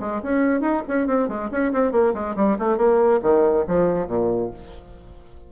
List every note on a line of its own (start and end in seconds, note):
0.00 0.21 G#3
0.23 0.61 C#4
0.61 0.82 D#4
0.88 1.07 C#4
1.07 1.29 C4
1.29 1.50 G#3
1.51 1.72 C#4
1.73 1.92 C4
1.92 2.14 A#3
2.14 2.35 G#3
2.36 2.57 G3
2.59 2.77 A3
2.77 3.20 A#3
3.22 3.65 D#3
3.67 4.07 F3
4.07 4.50 A#2